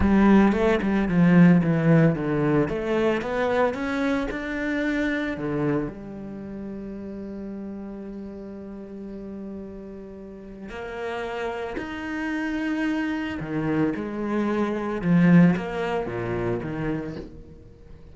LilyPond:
\new Staff \with { instrumentName = "cello" } { \time 4/4 \tempo 4 = 112 g4 a8 g8 f4 e4 | d4 a4 b4 cis'4 | d'2 d4 g4~ | g1~ |
g1 | ais2 dis'2~ | dis'4 dis4 gis2 | f4 ais4 ais,4 dis4 | }